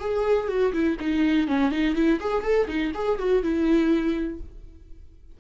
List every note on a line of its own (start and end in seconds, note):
0.00 0.48 G#4
0.48 0.73 F#4
0.73 0.97 E4
1.00 1.48 D#4
1.48 1.71 C#4
1.71 1.95 D#4
1.95 2.20 E4
2.20 2.43 G#4
2.43 2.68 A4
2.68 2.92 D#4
2.94 3.19 G#4
3.19 3.43 F#4
3.43 4.40 E4